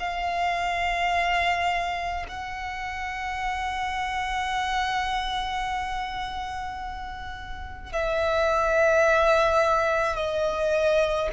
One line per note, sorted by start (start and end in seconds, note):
0.00 2.26 F5
2.29 7.93 F#5
7.93 10.16 E5
10.16 11.30 D#5